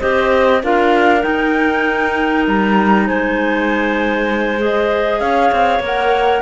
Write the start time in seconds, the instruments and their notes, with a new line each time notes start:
0.00 cello C4, clarinet G4 C5, flute D#5
0.63 cello D4, clarinet F4 A#4, flute F5
1.21 clarinet D#4, cello D#4, flute G5
2.47 cello G3, flute A#5
3.07 cello G#3, clarinet C5, flute G#5
4.59 clarinet G#4, flute D#5
5.20 cello C#4, clarinet C#5, flute F5
5.52 cello C4
5.79 cello A#3, clarinet A#4, flute F#5